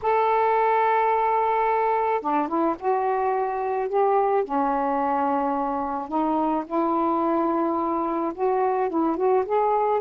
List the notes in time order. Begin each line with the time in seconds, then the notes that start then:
0.02 A4
2.21 D4
2.47 E4
2.79 F#4
3.88 G4
4.43 C#4
6.08 D#4
6.66 E4
8.34 F#4
8.89 E4
9.17 F#4
9.45 G#4